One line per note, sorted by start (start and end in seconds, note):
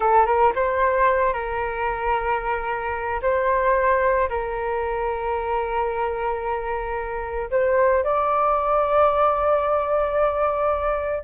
0.00 0.26 A4
0.26 0.52 A#4
0.55 1.33 C5
1.33 3.20 A#4
3.21 4.29 C5
4.29 7.50 A#4
7.50 8.04 C5
8.04 11.24 D5